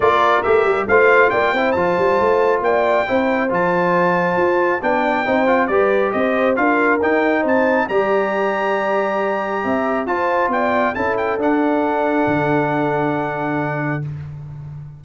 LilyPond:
<<
  \new Staff \with { instrumentName = "trumpet" } { \time 4/4 \tempo 4 = 137 d''4 e''4 f''4 g''4 | a''2 g''2 | a''2. g''4~ | g''4 d''4 dis''4 f''4 |
g''4 a''4 ais''2~ | ais''2. a''4 | g''4 a''8 g''8 fis''2~ | fis''1 | }
  \new Staff \with { instrumentName = "horn" } { \time 4/4 ais'2 c''4 d''8 c''8~ | c''2 d''4 c''4~ | c''2. d''4 | c''4 b'4 c''4 ais'4~ |
ais'4 c''4 d''2~ | d''2 e''4 c''4 | d''4 a'2.~ | a'1 | }
  \new Staff \with { instrumentName = "trombone" } { \time 4/4 f'4 g'4 f'4. e'8 | f'2. e'4 | f'2. d'4 | dis'8 f'8 g'2 f'4 |
dis'2 g'2~ | g'2. f'4~ | f'4 e'4 d'2~ | d'1 | }
  \new Staff \with { instrumentName = "tuba" } { \time 4/4 ais4 a8 g8 a4 ais8 c'8 | f8 g8 a4 ais4 c'4 | f2 f'4 b4 | c'4 g4 c'4 d'4 |
dis'4 c'4 g2~ | g2 c'4 f'4 | b4 cis'4 d'2 | d1 | }
>>